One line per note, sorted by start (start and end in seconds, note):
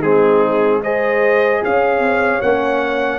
0.00 1.61 G#3
0.00 0.83 C4
0.00 0.80 D#4
0.00 0.82 G#4
0.82 2.42 G#4
0.82 1.62 C5
0.82 1.63 D#5
1.64 2.00 C#4
1.64 3.19 C#5
1.64 2.41 F5
2.00 2.40 C4
2.41 3.19 A#3
2.41 3.19 C#4
2.41 3.19 F#5